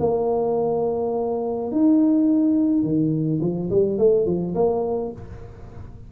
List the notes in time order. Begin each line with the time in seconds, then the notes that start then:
0.00 A#3
1.71 D#4
2.83 D#3
3.41 F3
3.70 G3
3.98 A3
4.26 F3
4.55 A#3